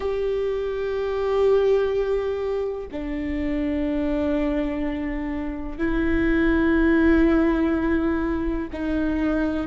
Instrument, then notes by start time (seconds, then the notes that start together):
viola
0.00 G4
2.91 D4
5.78 E4
8.73 D#4